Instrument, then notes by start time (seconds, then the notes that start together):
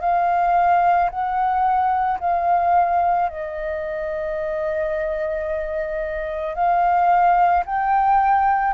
flute
0.00 F5
1.10 F#5
2.19 F5
3.29 D#5
6.55 F5
7.65 G5